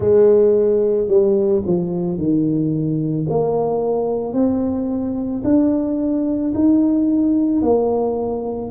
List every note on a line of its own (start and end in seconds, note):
0.00 1.07 G#3
1.07 1.62 G3
1.66 2.17 F3
2.17 3.26 D#3
3.29 4.33 A#3
4.33 5.42 C4
5.43 6.53 D4
6.54 7.62 D#4
7.62 8.71 A#3